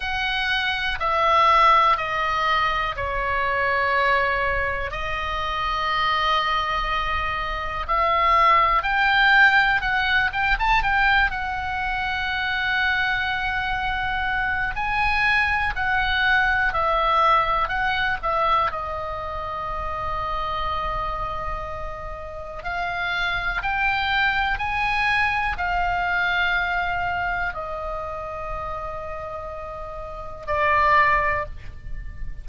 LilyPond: \new Staff \with { instrumentName = "oboe" } { \time 4/4 \tempo 4 = 61 fis''4 e''4 dis''4 cis''4~ | cis''4 dis''2. | e''4 g''4 fis''8 g''16 a''16 g''8 fis''8~ | fis''2. gis''4 |
fis''4 e''4 fis''8 e''8 dis''4~ | dis''2. f''4 | g''4 gis''4 f''2 | dis''2. d''4 | }